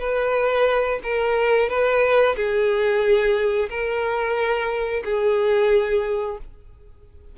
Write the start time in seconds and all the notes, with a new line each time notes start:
0.00 B4
1.04 A#4
1.69 B4
2.36 G#4
3.70 A#4
5.05 G#4